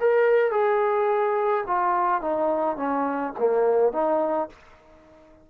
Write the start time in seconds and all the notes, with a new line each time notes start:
0.00 A#4
0.51 G#4
1.67 F4
2.21 D#4
2.76 C#4
3.39 A#3
3.92 D#4